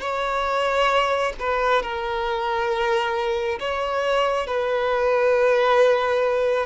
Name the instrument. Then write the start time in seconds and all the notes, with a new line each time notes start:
violin
0.00 C#5
1.39 B4
1.82 A#4
3.59 C#5
4.46 B4